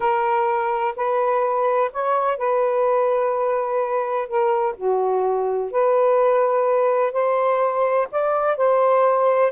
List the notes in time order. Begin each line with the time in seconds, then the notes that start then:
0.00 A#4
0.96 B4
1.92 C#5
2.37 B4
4.27 A#4
4.76 F#4
5.71 B4
7.12 C5
8.11 D5
8.56 C5